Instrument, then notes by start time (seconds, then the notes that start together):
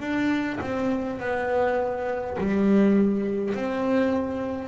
double bass
0.00 D4
0.61 C4
1.20 B3
2.39 G3
3.55 C4